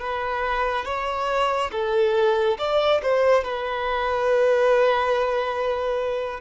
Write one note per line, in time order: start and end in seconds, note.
0.00 0.85 B4
0.85 1.71 C#5
1.72 2.58 A4
2.59 3.02 D5
3.02 3.44 C5
3.44 6.41 B4